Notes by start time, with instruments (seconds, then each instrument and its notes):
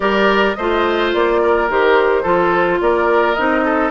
0.00 bassoon G3, clarinet G4, oboe A#4, flute D5
0.54 bassoon A3, clarinet F4, oboe C5, flute D#5
1.13 bassoon A#3, flute D5
1.42 oboe A#4
1.69 bassoon D#3, clarinet G4, flute C5
2.22 bassoon F3, clarinet F4, oboe A4
2.80 bassoon A#3, oboe A#4, flute D5
3.34 bassoon C4, clarinet D#4, flute D#5
3.64 oboe A4